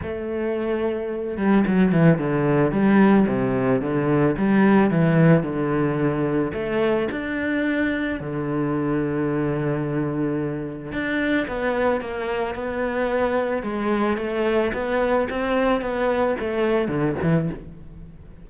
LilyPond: \new Staff \with { instrumentName = "cello" } { \time 4/4 \tempo 4 = 110 a2~ a8 g8 fis8 e8 | d4 g4 c4 d4 | g4 e4 d2 | a4 d'2 d4~ |
d1 | d'4 b4 ais4 b4~ | b4 gis4 a4 b4 | c'4 b4 a4 d8 e8 | }